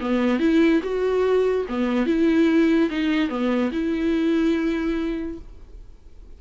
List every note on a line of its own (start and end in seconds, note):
0.00 0.39 B3
0.39 0.81 E4
0.83 1.66 F#4
1.68 2.06 B3
2.06 2.89 E4
2.90 3.29 D#4
3.29 3.71 B3
3.71 5.38 E4